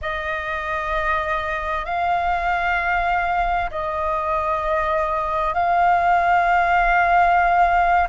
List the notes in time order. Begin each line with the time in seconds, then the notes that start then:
0.01 D#5
1.85 F5
3.70 D#5
5.53 F5